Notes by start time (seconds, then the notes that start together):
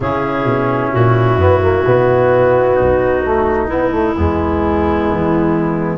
0.00 C#3 C#4 E4 G#4
0.44 B2
0.92 A#2 F#4
1.36 F#2 B3
1.61 A#3
1.86 B2 B3
2.75 B1 D#4
3.24 A3
3.67 B3 E4
3.91 A3
4.15 E2 G#3 B3
5.09 E3